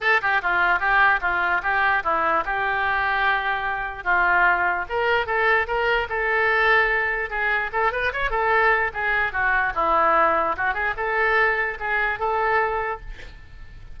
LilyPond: \new Staff \with { instrumentName = "oboe" } { \time 4/4 \tempo 4 = 148 a'8 g'8 f'4 g'4 f'4 | g'4 e'4 g'2~ | g'2 f'2 | ais'4 a'4 ais'4 a'4~ |
a'2 gis'4 a'8 b'8 | cis''8 a'4. gis'4 fis'4 | e'2 fis'8 gis'8 a'4~ | a'4 gis'4 a'2 | }